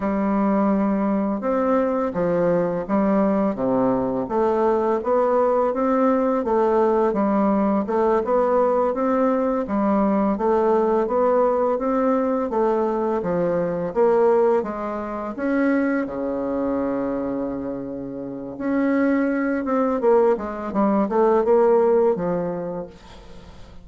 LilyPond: \new Staff \with { instrumentName = "bassoon" } { \time 4/4 \tempo 4 = 84 g2 c'4 f4 | g4 c4 a4 b4 | c'4 a4 g4 a8 b8~ | b8 c'4 g4 a4 b8~ |
b8 c'4 a4 f4 ais8~ | ais8 gis4 cis'4 cis4.~ | cis2 cis'4. c'8 | ais8 gis8 g8 a8 ais4 f4 | }